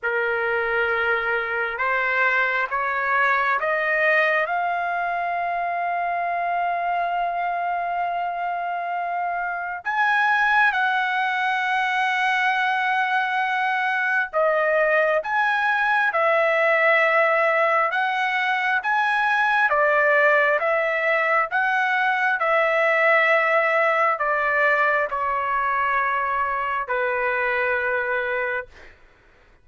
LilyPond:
\new Staff \with { instrumentName = "trumpet" } { \time 4/4 \tempo 4 = 67 ais'2 c''4 cis''4 | dis''4 f''2.~ | f''2. gis''4 | fis''1 |
dis''4 gis''4 e''2 | fis''4 gis''4 d''4 e''4 | fis''4 e''2 d''4 | cis''2 b'2 | }